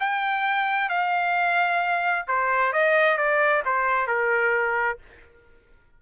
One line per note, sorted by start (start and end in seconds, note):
0.00 0.89 G5
0.89 2.26 F5
2.27 2.73 C5
2.73 3.17 D#5
3.17 3.63 D5
3.65 4.07 C5
4.07 4.98 A#4